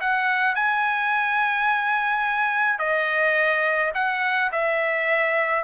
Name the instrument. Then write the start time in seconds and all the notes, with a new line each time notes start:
trumpet
0.00 F#5
0.55 G#5
2.79 D#5
3.94 F#5
4.52 E5